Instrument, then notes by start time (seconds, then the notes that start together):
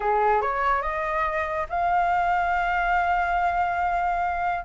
flute
0.00 G#4
0.41 C#5
0.82 D#5
1.69 F5